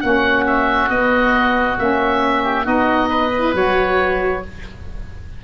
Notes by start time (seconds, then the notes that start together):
0.00 A#3 C#4 F#4 F#5
0.46 E5
0.89 B3 D#5
1.77 A#3 C#4 E5
2.43 G4
2.64 B3 D#4 F#4 D#5
3.09 B4
3.36 E4
3.53 F#3 F#4 C#5